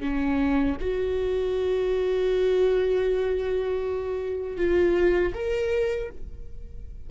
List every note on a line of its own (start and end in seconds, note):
0.00 0.76 C#4
0.80 4.57 F#4
4.57 5.33 F4
5.34 6.10 A#4